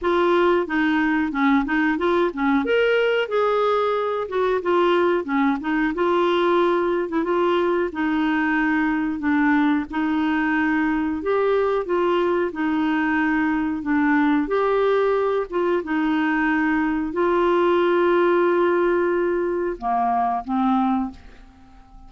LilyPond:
\new Staff \with { instrumentName = "clarinet" } { \time 4/4 \tempo 4 = 91 f'4 dis'4 cis'8 dis'8 f'8 cis'8 | ais'4 gis'4. fis'8 f'4 | cis'8 dis'8 f'4.~ f'16 e'16 f'4 | dis'2 d'4 dis'4~ |
dis'4 g'4 f'4 dis'4~ | dis'4 d'4 g'4. f'8 | dis'2 f'2~ | f'2 ais4 c'4 | }